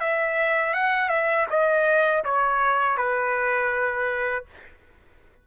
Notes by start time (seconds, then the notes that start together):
0.00 E5
0.73 F#5
1.08 E5
1.50 D#5
2.24 C#5
2.97 B4